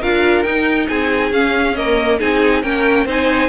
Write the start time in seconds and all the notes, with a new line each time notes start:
0.00 D4 F4 A#4 F5
0.43 D#4 G5
0.88 C4 G#4 G#5
1.31 C#4 F5
1.75 A#3 A#4 D#5
2.19 C4 D#4 G#4 G#5
2.63 A#3 C#4 A#4 G5
3.06 C4 D#4 C5 G#5